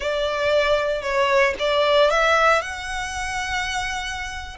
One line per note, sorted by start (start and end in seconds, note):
0.00 1.02 D5
1.02 1.54 C#5
1.59 2.10 D5
2.10 2.61 E5
2.61 4.57 F#5